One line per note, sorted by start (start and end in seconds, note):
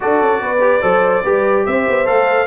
0.00 0.21 D4
0.00 0.58 F#4
0.00 0.41 A4
0.00 1.66 D5
0.21 0.41 C#4
0.41 0.82 B3
0.41 0.82 B4
0.60 0.81 G4
0.81 1.24 F#3
0.81 1.23 A4
0.81 1.23 C5
1.23 1.66 G3
1.23 2.05 G4
1.23 1.64 B4
1.66 1.87 C4
1.66 2.47 C5
1.66 2.07 E5
1.88 2.07 B3
2.05 2.47 A3
2.05 2.46 A4
2.05 2.47 F5